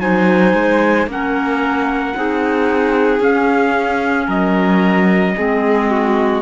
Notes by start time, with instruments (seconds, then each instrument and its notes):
0.00 cello F#3, clarinet D#4, violin C5, trumpet G#5
0.53 cello G#3
1.06 cello A#3, clarinet C#4, trumpet F#5
1.12 violin A#4
2.15 cello C4, clarinet D#4, violin G#4
3.20 cello C#4, clarinet C#4, trumpet F5
4.26 cello F#3, violin A#4, trumpet D#5
5.36 cello G#3, clarinet C4, violin G#4
5.90 violin F#4